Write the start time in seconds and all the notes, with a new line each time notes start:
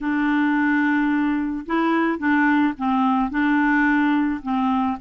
0.00 D4
1.66 E4
2.18 D4
2.77 C4
3.30 D4
4.42 C4